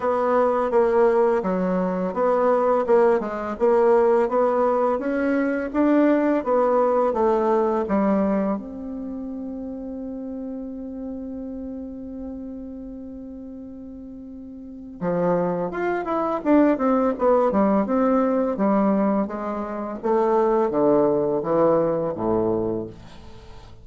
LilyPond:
\new Staff \with { instrumentName = "bassoon" } { \time 4/4 \tempo 4 = 84 b4 ais4 fis4 b4 | ais8 gis8 ais4 b4 cis'4 | d'4 b4 a4 g4 | c'1~ |
c'1~ | c'4 f4 f'8 e'8 d'8 c'8 | b8 g8 c'4 g4 gis4 | a4 d4 e4 a,4 | }